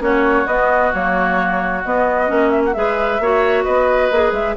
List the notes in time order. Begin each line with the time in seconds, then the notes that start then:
0.00 A#3 C#4 F#4 C#5
0.46 B3 D#5
0.93 F#3 A#3 C#5
1.84 B3 D#5
2.26 A#3 C#4
2.50 E5
2.65 F#5
2.73 G#3 G#4 B4 E5
3.19 A#3 F#4 C#5
3.64 B3 B4 D#5
4.11 A#3 G#4
4.32 G#3 E5